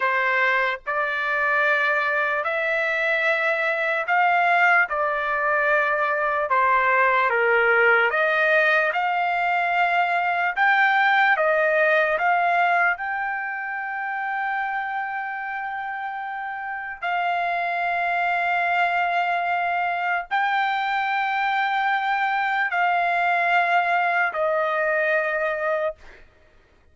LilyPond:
\new Staff \with { instrumentName = "trumpet" } { \time 4/4 \tempo 4 = 74 c''4 d''2 e''4~ | e''4 f''4 d''2 | c''4 ais'4 dis''4 f''4~ | f''4 g''4 dis''4 f''4 |
g''1~ | g''4 f''2.~ | f''4 g''2. | f''2 dis''2 | }